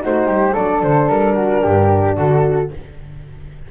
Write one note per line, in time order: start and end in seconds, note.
0.00 0.26 A3
0.00 0.54 D#4
0.00 0.27 F#4
0.00 0.54 C5
0.26 0.52 G3
0.26 0.53 G4
0.53 0.83 F#3
0.53 2.69 D4
0.53 1.33 A4
0.53 0.81 D5
0.83 1.08 D3
0.83 1.08 C5
1.08 1.62 G3
1.08 2.16 A#4
1.33 1.60 F#4
1.62 2.17 G2
1.62 2.15 G4
2.15 2.71 D3
2.15 2.69 F#4
2.15 2.71 A4